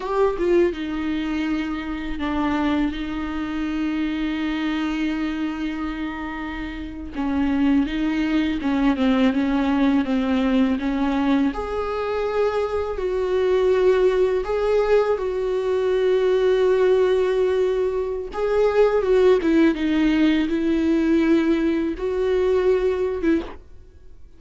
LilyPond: \new Staff \with { instrumentName = "viola" } { \time 4/4 \tempo 4 = 82 g'8 f'8 dis'2 d'4 | dis'1~ | dis'4.~ dis'16 cis'4 dis'4 cis'16~ | cis'16 c'8 cis'4 c'4 cis'4 gis'16~ |
gis'4.~ gis'16 fis'2 gis'16~ | gis'8. fis'2.~ fis'16~ | fis'4 gis'4 fis'8 e'8 dis'4 | e'2 fis'4.~ fis'16 e'16 | }